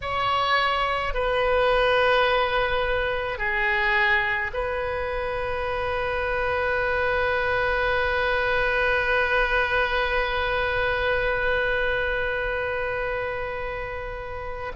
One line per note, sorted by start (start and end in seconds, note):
0.01 1.14 C#5
1.14 3.38 B4
3.38 4.51 G#4
4.53 14.72 B4